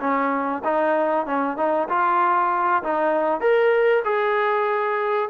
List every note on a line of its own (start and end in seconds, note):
0.00 0.62 C#4
0.64 1.26 D#4
1.26 1.57 C#4
1.57 1.88 D#4
1.89 2.83 F4
2.84 3.41 D#4
3.41 4.03 A#4
4.05 5.30 G#4